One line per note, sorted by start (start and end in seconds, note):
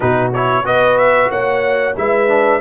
0.00 0.64 B2
0.00 0.32 D#4
0.00 0.63 F#4
0.00 0.32 B4
0.33 0.64 E4
0.33 0.66 C#5
0.64 1.30 B3
0.64 1.94 F#4
0.64 1.30 B4
0.64 0.97 D#5
0.97 1.30 E5
1.30 1.95 A#3
1.30 1.95 C#5
1.30 1.96 F#5
1.96 2.60 G#3
1.96 2.27 E4
1.96 2.60 B4
1.96 2.60 E5
2.27 2.60 D4